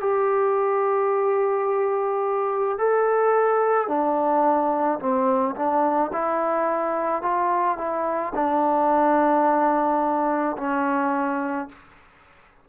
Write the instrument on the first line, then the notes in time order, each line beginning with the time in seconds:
trombone
0.00 G4
2.78 A4
3.87 D4
4.99 C4
5.56 D4
6.13 E4
7.22 F4
7.77 E4
8.34 D4
10.57 C#4